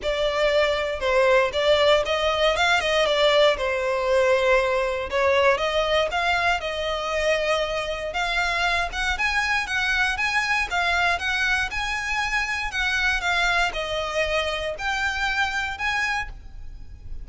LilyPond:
\new Staff \with { instrumentName = "violin" } { \time 4/4 \tempo 4 = 118 d''2 c''4 d''4 | dis''4 f''8 dis''8 d''4 c''4~ | c''2 cis''4 dis''4 | f''4 dis''2. |
f''4. fis''8 gis''4 fis''4 | gis''4 f''4 fis''4 gis''4~ | gis''4 fis''4 f''4 dis''4~ | dis''4 g''2 gis''4 | }